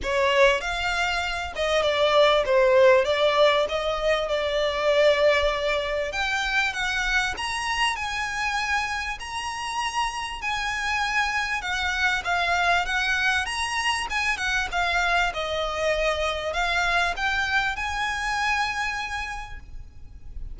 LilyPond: \new Staff \with { instrumentName = "violin" } { \time 4/4 \tempo 4 = 98 cis''4 f''4. dis''8 d''4 | c''4 d''4 dis''4 d''4~ | d''2 g''4 fis''4 | ais''4 gis''2 ais''4~ |
ais''4 gis''2 fis''4 | f''4 fis''4 ais''4 gis''8 fis''8 | f''4 dis''2 f''4 | g''4 gis''2. | }